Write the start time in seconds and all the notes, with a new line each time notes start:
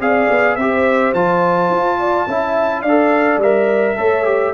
0.00 C4 G#4 D5 F5
0.30 B3
0.55 C4 G4 C5 E5
1.13 F3 F4 A5
1.69 F4
1.99 D5
2.27 C#4 E4 E5
2.82 D4 D5 F5
2.88 A4
3.37 G3 A#4 E5
3.97 A3 A4 C#5
4.24 G4